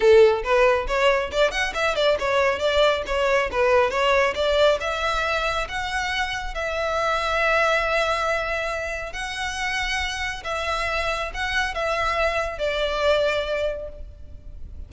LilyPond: \new Staff \with { instrumentName = "violin" } { \time 4/4 \tempo 4 = 138 a'4 b'4 cis''4 d''8 fis''8 | e''8 d''8 cis''4 d''4 cis''4 | b'4 cis''4 d''4 e''4~ | e''4 fis''2 e''4~ |
e''1~ | e''4 fis''2. | e''2 fis''4 e''4~ | e''4 d''2. | }